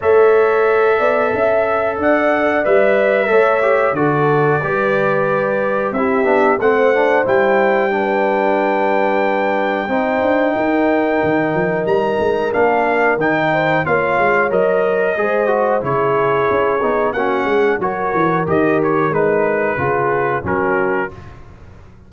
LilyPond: <<
  \new Staff \with { instrumentName = "trumpet" } { \time 4/4 \tempo 4 = 91 e''2. fis''4 | e''2 d''2~ | d''4 e''4 fis''4 g''4~ | g''1~ |
g''2 ais''4 f''4 | g''4 f''4 dis''2 | cis''2 fis''4 cis''4 | dis''8 cis''8 b'2 ais'4 | }
  \new Staff \with { instrumentName = "horn" } { \time 4/4 cis''4. d''8 e''4 d''4~ | d''4 cis''4 a'4 b'4~ | b'4 g'4 c''2 | b'2. c''4 |
ais'1~ | ais'8 c''8 cis''2 c''4 | gis'2 fis'8 gis'8 ais'4~ | ais'2 gis'4 fis'4 | }
  \new Staff \with { instrumentName = "trombone" } { \time 4/4 a'1 | b'4 a'8 g'8 fis'4 g'4~ | g'4 e'8 d'8 c'8 d'8 e'4 | d'2. dis'4~ |
dis'2. d'4 | dis'4 f'4 ais'4 gis'8 fis'8 | e'4. dis'8 cis'4 fis'4 | g'4 dis'4 f'4 cis'4 | }
  \new Staff \with { instrumentName = "tuba" } { \time 4/4 a4. b8 cis'4 d'4 | g4 a4 d4 g4~ | g4 c'8 b8 a4 g4~ | g2. c'8 d'8 |
dis'4 dis8 f8 g8 gis8 ais4 | dis4 ais8 gis8 fis4 gis4 | cis4 cis'8 b8 ais8 gis8 fis8 e8 | dis4 gis4 cis4 fis4 | }
>>